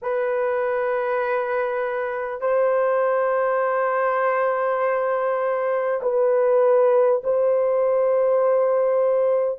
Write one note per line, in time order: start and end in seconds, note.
0.02 2.41 B4
2.41 6.01 C5
6.02 7.22 B4
7.23 9.59 C5